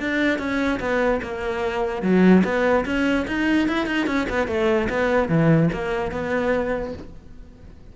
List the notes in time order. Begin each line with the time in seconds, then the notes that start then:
0.00 D4
0.39 C#4
0.80 B3
1.22 A#3
2.02 F#3
2.44 B3
2.86 C#4
3.28 D#4
3.68 E4
3.86 D#4
4.07 C#4
4.29 B3
4.47 A3
4.90 B3
5.29 E3
5.73 A#3
6.12 B3